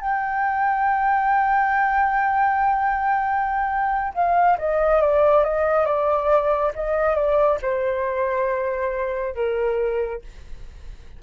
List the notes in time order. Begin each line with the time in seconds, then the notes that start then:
0.00 G5
4.14 F5
4.58 D#5
5.01 D5
5.43 D#5
5.85 D5
6.75 D#5
7.15 D5
7.62 C5
9.35 A#4